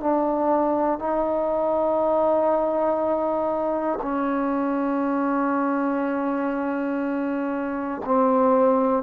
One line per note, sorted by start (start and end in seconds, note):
0.00 0.99 D4
0.99 3.99 D#4
4.02 8.02 C#4
8.05 9.03 C4